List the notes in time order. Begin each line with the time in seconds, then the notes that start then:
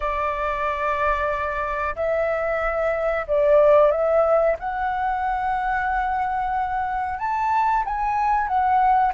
0.00 D5
1.95 E5
3.27 D5
3.91 E5
4.59 F#5
7.18 A5
7.84 G#5
8.47 F#5